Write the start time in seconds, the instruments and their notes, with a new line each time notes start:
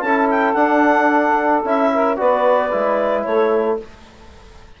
0.00 bassoon C#4, trombone E4, saxophone A4, clarinet A5
0.30 clarinet G5
0.53 bassoon D4, trombone D4, clarinet F#5
1.63 bassoon C#4, trombone E4, clarinet E5
1.92 saxophone A#4
2.16 bassoon B3, trombone F#4, saxophone B4, clarinet D5
2.71 bassoon G#3, trombone E4
3.23 bassoon A3, saxophone A4, clarinet C#5